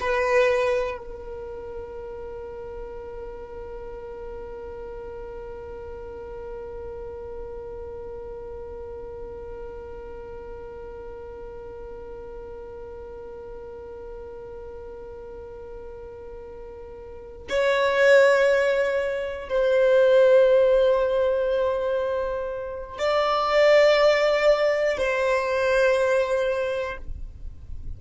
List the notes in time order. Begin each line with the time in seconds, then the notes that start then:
0.00 B4
0.98 A#4
17.49 C#5
19.50 C5
22.98 D5
24.98 C5